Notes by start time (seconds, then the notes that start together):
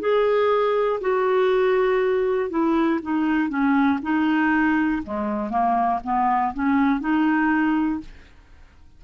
0.00 G#4
1.01 F#4
2.50 E4
3.02 D#4
3.49 C#4
4.02 D#4
5.03 G#3
5.50 A#3
6.04 B3
6.54 C#4
7.00 D#4